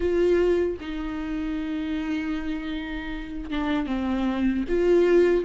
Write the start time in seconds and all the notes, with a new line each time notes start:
0.00 F4
0.80 D#4
3.50 D4
3.86 C4
4.68 F4